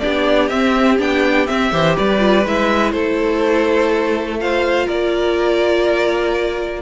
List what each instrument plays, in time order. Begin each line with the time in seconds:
0.00 cello B3, viola D4, violin G4 D5
0.48 cello C4, viola C4, violin E5
0.99 cello B3, viola D4, violin G5
1.47 viola C4, cello C4, violin E5
1.72 cello E3, viola G4, violin C5
1.96 cello G3, violin B4 D5
2.19 viola F4
2.46 cello G#3, viola E4, violin E5
2.91 cello A3, violin A4 C5
4.40 viola F4, violin C5 F5
4.86 cello A#3, violin A#4 D5